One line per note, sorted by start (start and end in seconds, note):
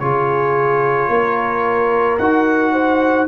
0.00 1.09 C#3
0.00 2.19 F4
0.00 1.10 G#4
0.00 2.18 C#5
1.09 2.18 A#3
1.09 2.73 A#4
2.19 3.28 D#4
2.19 3.28 F#4
2.19 3.28 F#5
2.73 3.27 C5